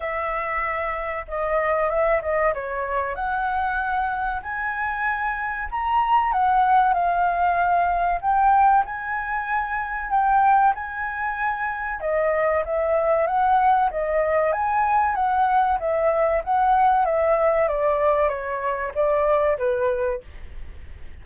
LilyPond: \new Staff \with { instrumentName = "flute" } { \time 4/4 \tempo 4 = 95 e''2 dis''4 e''8 dis''8 | cis''4 fis''2 gis''4~ | gis''4 ais''4 fis''4 f''4~ | f''4 g''4 gis''2 |
g''4 gis''2 dis''4 | e''4 fis''4 dis''4 gis''4 | fis''4 e''4 fis''4 e''4 | d''4 cis''4 d''4 b'4 | }